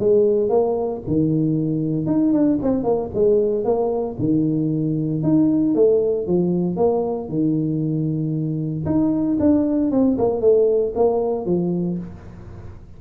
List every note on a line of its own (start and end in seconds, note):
0.00 0.50 G#3
0.50 1.02 A#3
1.07 2.07 D#3
2.07 2.33 D#4
2.33 2.59 D4
2.63 2.84 C4
2.84 3.10 A#3
3.14 3.65 G#3
3.65 4.17 A#3
4.19 5.23 D#3
5.23 5.75 D#4
5.75 6.27 A3
6.27 6.77 F3
6.77 7.29 A#3
7.29 8.86 D#3
8.86 9.38 D#4
9.40 9.92 D4
9.92 10.18 C4
10.18 10.41 A#3
10.41 10.93 A3
10.95 11.46 A#3
11.46 11.98 F3